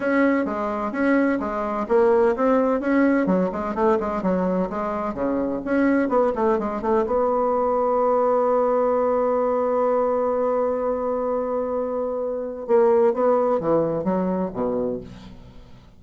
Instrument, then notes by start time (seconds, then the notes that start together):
bassoon
0.00 C#4
0.45 G#3
0.91 C#4
1.39 G#3
1.88 A#3
2.36 C4
2.80 C#4
3.26 F#3
3.52 G#3
3.74 A3
4.00 G#3
4.22 F#3
4.69 G#3
5.13 C#3
5.64 C#4
6.09 B3
6.35 A3
6.58 G#3
6.81 A3
7.06 B3
12.67 A#3
13.13 B3
13.60 E3
14.04 F#3
14.53 B2